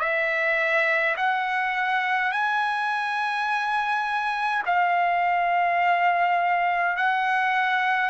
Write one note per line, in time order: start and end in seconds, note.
0.00 1.15 E5
1.16 2.32 F#5
2.32 4.63 G#5
4.66 6.97 F5
6.97 8.10 F#5